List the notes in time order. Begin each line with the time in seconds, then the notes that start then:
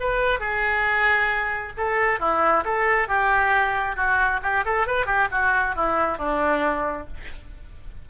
0.00 B4
0.40 G#4
1.77 A4
2.20 E4
2.65 A4
3.08 G4
3.96 F#4
4.42 G4
4.65 A4
4.87 B4
5.06 G4
5.32 F#4
5.76 E4
6.18 D4